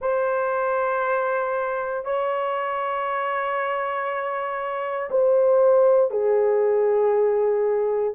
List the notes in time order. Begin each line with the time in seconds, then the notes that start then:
0.01 C5
2.04 C#5
5.10 C5
6.11 G#4